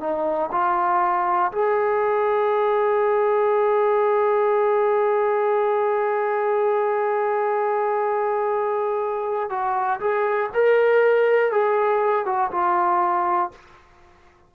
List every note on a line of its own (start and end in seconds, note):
0.00 0.50 D#4
0.52 1.52 F4
1.52 9.50 G#4
9.50 10.00 F#4
10.00 10.50 G#4
10.54 11.52 A#4
11.52 12.25 G#4
12.25 12.50 F#4
12.51 13.51 F4